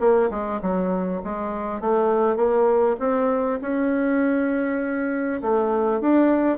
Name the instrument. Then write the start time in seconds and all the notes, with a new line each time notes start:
bassoon
0.00 A#3
0.30 G#3
0.62 F#3
1.24 G#3
1.81 A3
2.37 A#3
3.00 C4
3.62 C#4
5.42 A3
6.01 D4